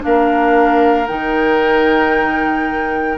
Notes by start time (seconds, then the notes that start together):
0.00 A#3 D4 A#4 F5
1.06 D#3 D#4 G5